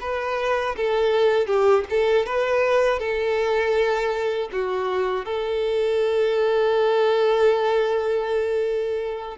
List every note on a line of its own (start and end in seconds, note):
0.00 0.75 B4
0.76 1.46 A4
1.46 1.84 G4
1.90 2.26 A4
2.26 2.99 B4
2.99 4.49 A4
4.52 5.25 F#4
5.25 9.37 A4